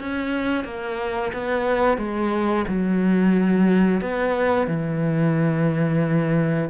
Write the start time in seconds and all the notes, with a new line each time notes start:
0.00 C#4
0.64 A#3
1.33 B3
1.97 G#3
2.68 F#3
4.01 B3
4.67 E3